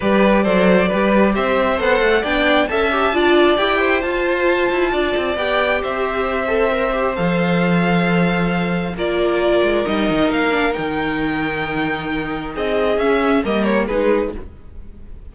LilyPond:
<<
  \new Staff \with { instrumentName = "violin" } { \time 4/4 \tempo 4 = 134 d''2. e''4 | fis''4 g''4 a''2 | g''4 a''2. | g''4 e''2. |
f''1 | d''2 dis''4 f''4 | g''1 | dis''4 e''4 dis''8 cis''8 b'4 | }
  \new Staff \with { instrumentName = "violin" } { \time 4/4 b'4 c''4 b'4 c''4~ | c''4 d''4 e''4 d''4~ | d''8 c''2~ c''8 d''4~ | d''4 c''2.~ |
c''1 | ais'1~ | ais'1 | gis'2 ais'4 gis'4 | }
  \new Staff \with { instrumentName = "viola" } { \time 4/4 g'4 a'4 g'2 | a'4 d'4 a'8 g'8 f'4 | g'4 f'2. | g'2~ g'8 a'8 ais'8 g'8 |
a'1 | f'2 dis'4. d'8 | dis'1~ | dis'4 cis'4 ais4 dis'4 | }
  \new Staff \with { instrumentName = "cello" } { \time 4/4 g4 fis4 g4 c'4 | b8 a8 b4 cis'4 d'4 | e'4 f'4. e'8 d'8 c'8 | b4 c'2. |
f1 | ais4. gis8 g8 dis8 ais4 | dis1 | c'4 cis'4 g4 gis4 | }
>>